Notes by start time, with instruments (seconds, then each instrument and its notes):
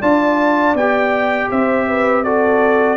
0.00 tuba D4, trombone F4, horn D5, trumpet A5
0.74 tuba B3, trombone G4, trumpet G5
1.50 tuba C4, horn C5, trumpet E5
1.87 horn B4
2.24 trombone F#4, horn A4, trumpet D5